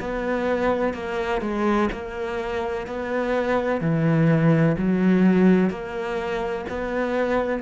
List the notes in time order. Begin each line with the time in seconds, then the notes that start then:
0.00 B3
0.94 A#3
1.42 G#3
1.92 A#3
2.87 B3
3.81 E3
4.78 F#3
5.70 A#3
6.69 B3